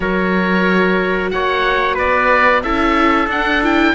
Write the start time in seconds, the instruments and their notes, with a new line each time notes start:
0.00 cello F#3, viola F#4, trumpet A#4, oboe C#5
1.30 cello A#3, trumpet C#5, oboe F#5
1.94 cello B3, trumpet B4, oboe D5
2.62 cello C#4, viola E4, trumpet A4, oboe E5
3.27 cello D4, viola D4, oboe F#5
3.63 viola E4, oboe G5